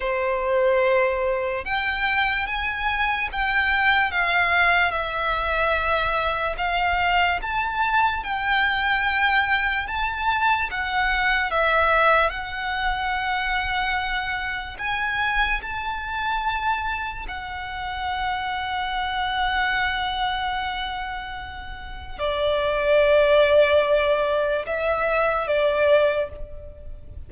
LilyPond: \new Staff \with { instrumentName = "violin" } { \time 4/4 \tempo 4 = 73 c''2 g''4 gis''4 | g''4 f''4 e''2 | f''4 a''4 g''2 | a''4 fis''4 e''4 fis''4~ |
fis''2 gis''4 a''4~ | a''4 fis''2.~ | fis''2. d''4~ | d''2 e''4 d''4 | }